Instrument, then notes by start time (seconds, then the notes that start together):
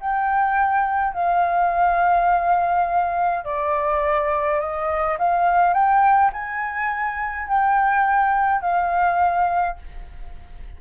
flute
0.00 G5
1.13 F5
3.44 D5
4.59 D#5
5.18 F5
5.73 G5
6.32 G#5
7.48 G5
8.61 F5